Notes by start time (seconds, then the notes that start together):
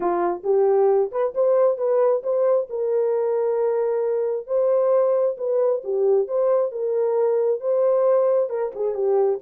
0.00 F4
0.43 G4
1.11 B4
1.34 C5
1.77 B4
2.23 C5
2.69 A#4
4.47 C5
5.37 B4
5.84 G4
6.27 C5
6.71 A#4
7.60 C5
8.49 A#4
8.75 G#4
8.94 G4